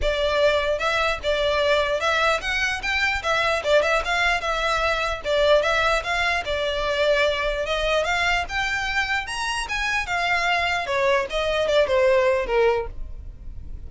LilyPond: \new Staff \with { instrumentName = "violin" } { \time 4/4 \tempo 4 = 149 d''2 e''4 d''4~ | d''4 e''4 fis''4 g''4 | e''4 d''8 e''8 f''4 e''4~ | e''4 d''4 e''4 f''4 |
d''2. dis''4 | f''4 g''2 ais''4 | gis''4 f''2 cis''4 | dis''4 d''8 c''4. ais'4 | }